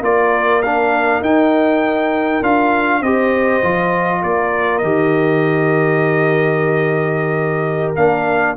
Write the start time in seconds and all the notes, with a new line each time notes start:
0.00 A#3 F4 A#4 D5
0.62 D4 F5
1.21 D#4 G5
2.42 D4 F4 F5
3.01 C4 G4 C5 D#5
3.63 F3 F4
4.22 A#3 A#4 D5
4.78 D#3 G4 D#5
7.96 A#3 D4 F5